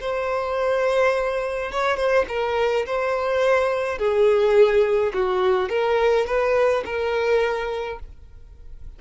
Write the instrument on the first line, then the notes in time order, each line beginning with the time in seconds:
violin
0.00 C5
1.71 C#5
1.96 C5
2.28 A#4
2.86 C5
3.98 G#4
5.14 F#4
5.69 A#4
6.26 B4
6.85 A#4